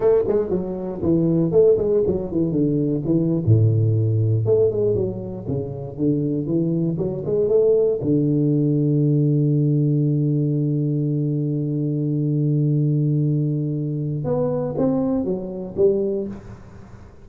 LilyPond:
\new Staff \with { instrumentName = "tuba" } { \time 4/4 \tempo 4 = 118 a8 gis8 fis4 e4 a8 gis8 | fis8 e8 d4 e8. a,4~ a,16~ | a,8. a8 gis8 fis4 cis4 d16~ | d8. e4 fis8 gis8 a4 d16~ |
d1~ | d1~ | d1 | b4 c'4 fis4 g4 | }